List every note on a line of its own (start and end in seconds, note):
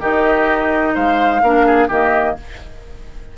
0.00 0.94 D#3
0.00 1.42 D#4
0.00 0.94 G4
0.00 0.96 D#5
0.94 1.42 G#3
0.94 1.42 C5
0.94 1.90 F5
1.42 1.89 A#3
1.42 1.90 D4
1.42 1.67 A#4
1.67 1.88 G#4
1.88 2.36 D#3
1.88 2.37 A#3
1.88 2.35 G4
1.88 2.38 D#5